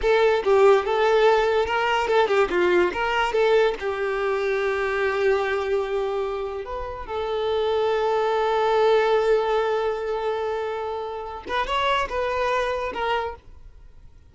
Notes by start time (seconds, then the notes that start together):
0.01 A4
0.44 G4
0.85 A4
1.66 A#4
2.07 A4
2.27 G4
2.49 F4
2.93 A#4
3.32 A4
3.79 G4
6.65 B4
7.06 A4
11.48 B4
11.66 C#5
12.09 B4
12.93 A#4